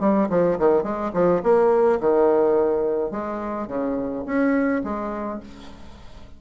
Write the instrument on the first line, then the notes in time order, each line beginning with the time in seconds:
bassoon
0.00 G3
0.30 F3
0.59 D#3
0.83 G#3
1.13 F3
1.43 A#3
2.00 D#3
3.11 G#3
3.67 C#3
4.26 C#4
4.84 G#3